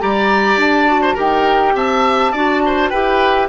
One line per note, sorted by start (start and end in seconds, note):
0.00 0.57 G3
0.00 0.87 G4
0.00 1.02 D5
0.00 0.59 A#5
0.57 1.15 D4
0.57 1.19 A5
0.87 1.17 F#4
1.02 1.15 C5
1.15 1.75 D#4
1.15 2.33 G4
1.15 1.73 A#4
1.15 1.77 G5
1.75 2.33 C4
1.75 2.33 E5
1.75 2.90 A5
2.33 2.92 D4
2.33 2.93 F#4
2.33 2.62 D5
2.66 2.90 C5
2.90 3.50 E4
2.90 3.50 G4
2.90 3.49 B4
2.90 3.48 G5